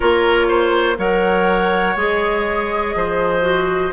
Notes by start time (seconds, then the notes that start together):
0.00 A#3 F4 A#4 C#5
0.48 C5
0.97 F#3 A#4 C#5 F#5
1.95 G#3 G#4 D#5
2.94 F3 C5
3.41 F#4